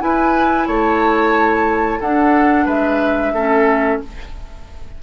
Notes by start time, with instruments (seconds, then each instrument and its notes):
0.00 clarinet E4, bassoon E4, oboe B4, flute G#5
0.67 bassoon A3, oboe C#5, flute A5
2.00 bassoon D4, clarinet D4, oboe A4, flute F#5
2.66 bassoon G#3, oboe B4, flute E5
3.32 bassoon A3, clarinet C#4, oboe A4